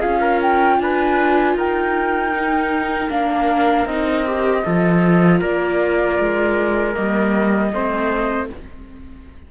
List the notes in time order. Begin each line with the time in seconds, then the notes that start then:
0.00 C#4 F4 G#4 F5
0.20 A#4
0.42 G5
0.79 D4 B4 G#5
1.54 D#4 A#4 G5
2.33 D#4
3.09 A#3 D4 F5
3.85 C4 D#4 D#5
4.26 G4
4.64 F3 F4 A4
5.39 A#3 A#4 D5
6.19 G#3
6.93 G3 A#3 D#5
7.72 A3 C4 C5